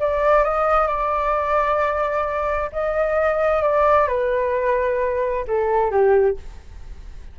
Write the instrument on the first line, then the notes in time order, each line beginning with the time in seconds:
flute
0.00 D5
0.44 D#5
0.87 D5
2.73 D#5
3.63 D5
4.08 B4
5.48 A4
5.91 G4